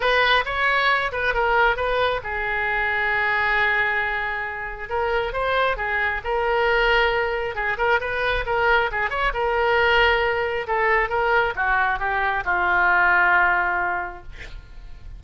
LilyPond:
\new Staff \with { instrumentName = "oboe" } { \time 4/4 \tempo 4 = 135 b'4 cis''4. b'8 ais'4 | b'4 gis'2.~ | gis'2. ais'4 | c''4 gis'4 ais'2~ |
ais'4 gis'8 ais'8 b'4 ais'4 | gis'8 cis''8 ais'2. | a'4 ais'4 fis'4 g'4 | f'1 | }